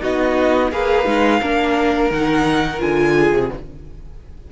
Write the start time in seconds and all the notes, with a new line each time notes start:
0.00 B3 D#4 F#4 D#5
0.72 A#3 G#4 B4 F5
1.05 G#3 D#4
1.40 A#3 D4 A#4
2.10 D#3 D#4 F#5
2.79 D3 F4 G#5
3.17 G#4
3.32 C3